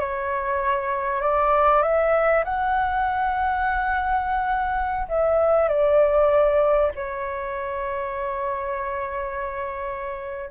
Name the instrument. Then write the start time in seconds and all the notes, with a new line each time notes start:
flute
0.00 C#5
1.21 D5
1.82 E5
2.44 F#5
5.08 E5
5.68 D5
6.95 C#5